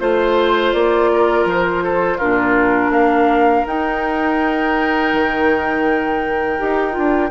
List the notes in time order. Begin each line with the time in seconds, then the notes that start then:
0.00 A3 F4 C5
0.73 A#3 D5
1.13 A#4
1.45 F3 C5
1.84 A4
2.18 A#2 D4 F4 A#4
2.89 A#3 A#4 F5
3.67 D#4 G5
5.13 D#3
6.59 D#4 G4
6.92 D4 F4